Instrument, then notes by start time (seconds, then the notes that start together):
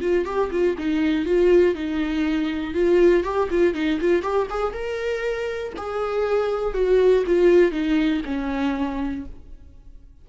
viola
0.00 F4
0.25 G4
0.51 F4
0.78 D#4
1.25 F4
1.74 D#4
2.74 F4
3.23 G4
3.50 F4
3.74 D#4
4.00 F4
4.22 G4
4.50 G#4
4.72 A#4
5.76 G#4
6.74 F#4
7.26 F4
7.72 D#4
8.25 C#4